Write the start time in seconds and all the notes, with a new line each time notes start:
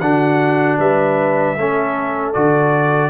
0.00 D3 D4 F#4 F#5
0.79 G3 B4 E5
1.57 A3 C#4 A4
2.33 D3 F#4 D5